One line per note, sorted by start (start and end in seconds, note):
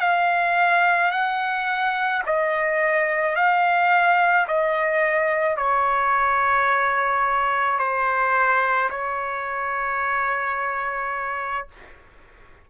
0.00 1.11 F5
1.11 2.22 F#5
2.26 3.35 D#5
3.35 4.46 F5
4.47 5.57 D#5
5.57 7.78 C#5
7.78 8.89 C5
8.90 11.68 C#5